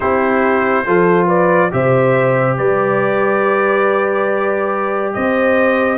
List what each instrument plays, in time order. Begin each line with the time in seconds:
0.00 tuba C4, trombone E4, horn G4, trumpet C5
0.86 tuba F3, trombone F4, horn A4
1.26 horn B4, trumpet D5
1.71 tuba C3, trombone G4, horn C5, trumpet E5
2.57 tuba G3, horn B4, trumpet D5
5.13 tuba C4, horn C5, trumpet D#5